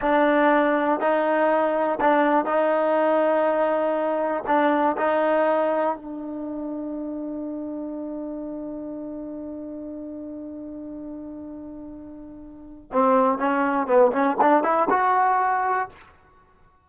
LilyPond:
\new Staff \with { instrumentName = "trombone" } { \time 4/4 \tempo 4 = 121 d'2 dis'2 | d'4 dis'2.~ | dis'4 d'4 dis'2 | d'1~ |
d'1~ | d'1~ | d'2 c'4 cis'4 | b8 cis'8 d'8 e'8 fis'2 | }